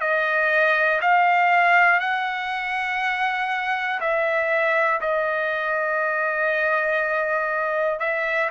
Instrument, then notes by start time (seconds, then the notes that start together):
trumpet
0.00 D#5
1.01 F5
2.00 F#5
4.00 E5
5.00 D#5
7.99 E5